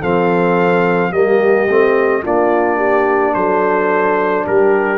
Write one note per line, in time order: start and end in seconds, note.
0.00 1.12 F3
0.00 1.12 C4
0.00 1.11 A4
0.00 1.12 F5
1.12 1.67 G3
1.12 1.68 A#3
1.12 2.23 G4
1.12 2.23 D#5
1.68 2.24 A3
1.68 2.24 C4
2.23 3.35 A#3
2.23 4.98 D4
2.23 2.77 F4
2.23 3.34 D5
2.77 3.33 G4
3.34 4.46 F#3
3.34 4.47 A4
3.34 4.45 C5
4.47 4.98 G3
4.47 4.98 G4
4.47 4.98 A#4